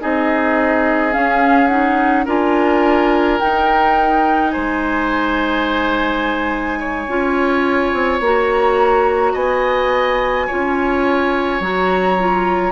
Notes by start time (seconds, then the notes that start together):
0.00 C4 D#4 G#4 D#5
1.11 C#4 F5
1.67 D#4 F#5
2.25 D4 F4 A#4 G#5
3.40 D#4 G5
4.50 G#3 C5 G#5
6.79 C#5
7.07 C#4 F4
7.93 C4
8.20 A#3 F#4 A#5
9.33 B3 D#5 G#5
10.46 F4 C#5
10.53 C#4
11.60 F#3 F#4 A#5
12.18 F4